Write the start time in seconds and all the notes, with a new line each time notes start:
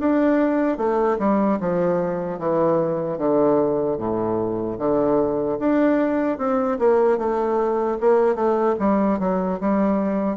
0.00 D4
0.78 A3
1.19 G3
1.61 F3
2.39 E3
3.19 D3
3.98 A2
4.79 D3
5.60 D4
6.39 C4
6.79 A#3
7.19 A3
8.01 A#3
8.36 A3
8.80 G3
9.20 F#3
9.61 G3